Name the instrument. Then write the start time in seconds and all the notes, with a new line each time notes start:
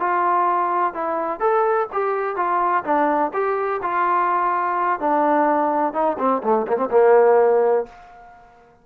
trombone
0.00 F4
0.94 E4
1.40 A4
1.93 G4
2.36 F4
2.84 D4
3.33 G4
3.82 F4
5.00 D4
5.93 D#4
6.19 C4
6.43 A3
6.67 A#3
6.77 C4
6.91 A#3